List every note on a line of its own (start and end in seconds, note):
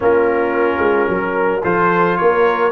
0.00 0.78 A#3
0.00 1.61 C#4
0.00 1.10 F4
0.00 1.64 A#4
0.78 1.05 G#3
1.08 1.63 F#3
1.08 1.63 A#4
1.63 2.19 F3
1.63 2.71 F4
1.63 2.17 A4
1.63 2.16 C5
2.16 2.71 A#3
2.16 2.71 A#4
2.16 2.71 C#5